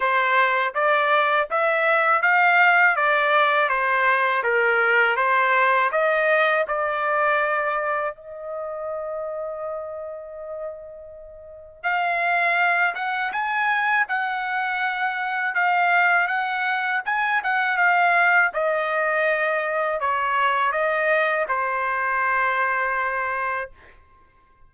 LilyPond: \new Staff \with { instrumentName = "trumpet" } { \time 4/4 \tempo 4 = 81 c''4 d''4 e''4 f''4 | d''4 c''4 ais'4 c''4 | dis''4 d''2 dis''4~ | dis''1 |
f''4. fis''8 gis''4 fis''4~ | fis''4 f''4 fis''4 gis''8 fis''8 | f''4 dis''2 cis''4 | dis''4 c''2. | }